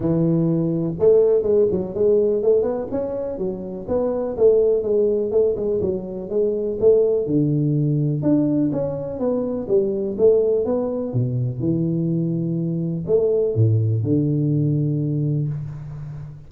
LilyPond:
\new Staff \with { instrumentName = "tuba" } { \time 4/4 \tempo 4 = 124 e2 a4 gis8 fis8 | gis4 a8 b8 cis'4 fis4 | b4 a4 gis4 a8 gis8 | fis4 gis4 a4 d4~ |
d4 d'4 cis'4 b4 | g4 a4 b4 b,4 | e2. a4 | a,4 d2. | }